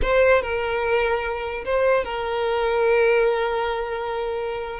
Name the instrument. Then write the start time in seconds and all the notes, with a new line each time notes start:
violin
0.02 C5
0.42 A#4
1.64 C5
2.04 A#4